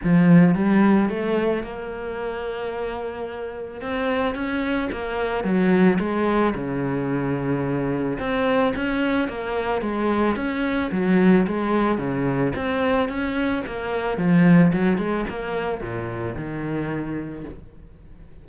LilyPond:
\new Staff \with { instrumentName = "cello" } { \time 4/4 \tempo 4 = 110 f4 g4 a4 ais4~ | ais2. c'4 | cis'4 ais4 fis4 gis4 | cis2. c'4 |
cis'4 ais4 gis4 cis'4 | fis4 gis4 cis4 c'4 | cis'4 ais4 f4 fis8 gis8 | ais4 ais,4 dis2 | }